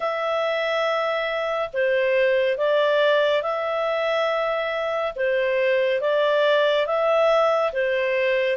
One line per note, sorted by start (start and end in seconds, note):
0.00 1.69 E5
1.73 2.57 C5
2.57 3.42 D5
3.42 5.14 E5
5.15 6.00 C5
6.00 6.86 D5
6.86 7.72 E5
7.72 8.56 C5